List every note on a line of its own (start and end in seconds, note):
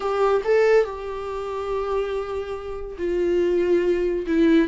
0.00 0.42 G4
0.44 0.84 A4
0.84 2.97 G4
2.98 4.26 F4
4.26 4.68 E4